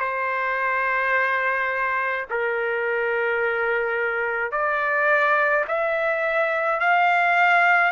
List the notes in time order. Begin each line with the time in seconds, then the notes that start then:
0.00 C5
2.31 A#4
4.52 D5
5.68 E5
6.80 F5